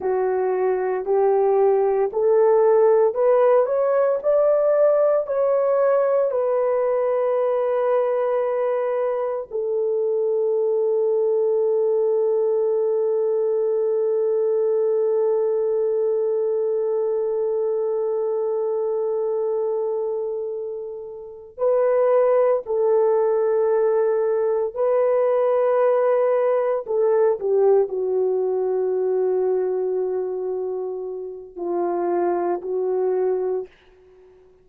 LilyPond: \new Staff \with { instrumentName = "horn" } { \time 4/4 \tempo 4 = 57 fis'4 g'4 a'4 b'8 cis''8 | d''4 cis''4 b'2~ | b'4 a'2.~ | a'1~ |
a'1~ | a'8 b'4 a'2 b'8~ | b'4. a'8 g'8 fis'4.~ | fis'2 f'4 fis'4 | }